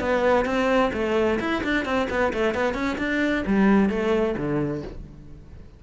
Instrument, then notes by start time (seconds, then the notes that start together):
cello
0.00 B3
0.45 C4
0.93 A3
1.40 E4
1.64 D4
1.85 C4
2.10 B3
2.33 A3
2.54 B3
2.74 C#4
2.98 D4
3.46 G3
3.89 A3
4.37 D3